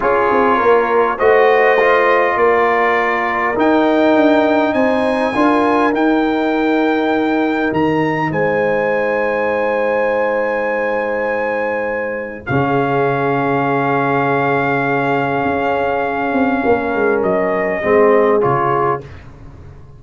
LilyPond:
<<
  \new Staff \with { instrumentName = "trumpet" } { \time 4/4 \tempo 4 = 101 cis''2 dis''2 | d''2 g''2 | gis''2 g''2~ | g''4 ais''4 gis''2~ |
gis''1~ | gis''4 f''2.~ | f''1~ | f''4 dis''2 cis''4 | }
  \new Staff \with { instrumentName = "horn" } { \time 4/4 gis'4 ais'4 c''2 | ais'1 | c''4 ais'2.~ | ais'2 c''2~ |
c''1~ | c''4 gis'2.~ | gis'1 | ais'2 gis'2 | }
  \new Staff \with { instrumentName = "trombone" } { \time 4/4 f'2 fis'4 f'4~ | f'2 dis'2~ | dis'4 f'4 dis'2~ | dis'1~ |
dis'1~ | dis'4 cis'2.~ | cis'1~ | cis'2 c'4 f'4 | }
  \new Staff \with { instrumentName = "tuba" } { \time 4/4 cis'8 c'8 ais4 a2 | ais2 dis'4 d'4 | c'4 d'4 dis'2~ | dis'4 dis4 gis2~ |
gis1~ | gis4 cis2.~ | cis2 cis'4. c'8 | ais8 gis8 fis4 gis4 cis4 | }
>>